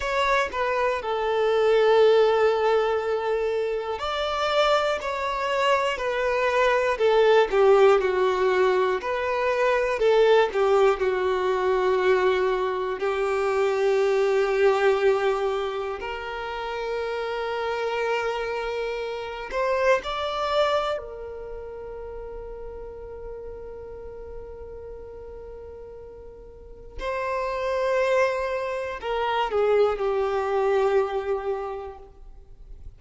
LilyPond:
\new Staff \with { instrumentName = "violin" } { \time 4/4 \tempo 4 = 60 cis''8 b'8 a'2. | d''4 cis''4 b'4 a'8 g'8 | fis'4 b'4 a'8 g'8 fis'4~ | fis'4 g'2. |
ais'2.~ ais'8 c''8 | d''4 ais'2.~ | ais'2. c''4~ | c''4 ais'8 gis'8 g'2 | }